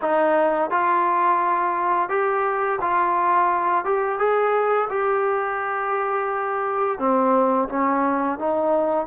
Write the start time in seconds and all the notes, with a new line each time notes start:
0.01 D#4
0.70 F4
2.09 G4
2.81 F4
3.85 G4
4.18 G#4
4.89 G4
6.98 C4
7.68 C#4
8.38 D#4